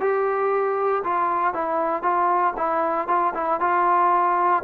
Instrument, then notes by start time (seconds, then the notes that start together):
trombone
0.00 G4
1.03 F4
1.53 E4
2.02 F4
2.57 E4
3.07 F4
3.34 E4
3.60 F4